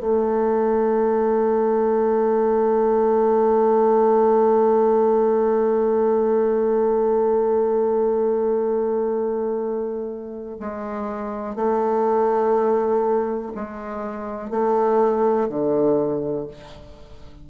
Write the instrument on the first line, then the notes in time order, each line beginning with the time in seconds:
bassoon
0.00 A3
10.60 G#3
11.55 A3
13.55 G#3
14.50 A3
15.49 D3